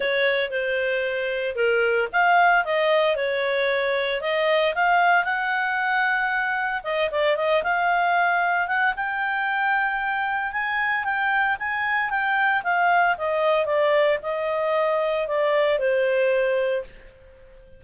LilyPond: \new Staff \with { instrumentName = "clarinet" } { \time 4/4 \tempo 4 = 114 cis''4 c''2 ais'4 | f''4 dis''4 cis''2 | dis''4 f''4 fis''2~ | fis''4 dis''8 d''8 dis''8 f''4.~ |
f''8 fis''8 g''2. | gis''4 g''4 gis''4 g''4 | f''4 dis''4 d''4 dis''4~ | dis''4 d''4 c''2 | }